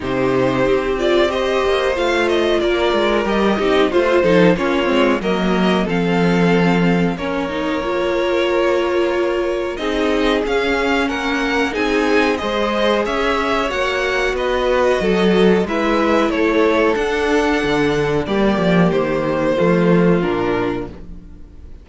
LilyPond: <<
  \new Staff \with { instrumentName = "violin" } { \time 4/4 \tempo 4 = 92 c''4. d''8 dis''4 f''8 dis''8 | d''4 dis''4 c''4 cis''4 | dis''4 f''2 cis''4~ | cis''2. dis''4 |
f''4 fis''4 gis''4 dis''4 | e''4 fis''4 dis''2 | e''4 cis''4 fis''2 | d''4 c''2 ais'4 | }
  \new Staff \with { instrumentName = "violin" } { \time 4/4 g'2 c''2 | ais'4. g'8 f'8 a'8 f'4 | ais'4 a'2 ais'4~ | ais'2. gis'4~ |
gis'4 ais'4 gis'4 c''4 | cis''2 b'4 a'4 | b'4 a'2. | g'2 f'2 | }
  \new Staff \with { instrumentName = "viola" } { \time 4/4 dis'4. f'8 g'4 f'4~ | f'4 g'8 dis'8 f'8 dis'8 cis'8 c'8 | ais4 c'2 cis'8 dis'8 | f'2. dis'4 |
cis'2 dis'4 gis'4~ | gis'4 fis'2. | e'2 d'2 | ais2 a4 d'4 | }
  \new Staff \with { instrumentName = "cello" } { \time 4/4 c4 c'4. ais8 a4 | ais8 gis8 g8 c'8 a8 f8 ais8 gis8 | fis4 f2 ais4~ | ais2. c'4 |
cis'4 ais4 c'4 gis4 | cis'4 ais4 b4 fis4 | gis4 a4 d'4 d4 | g8 f8 dis4 f4 ais,4 | }
>>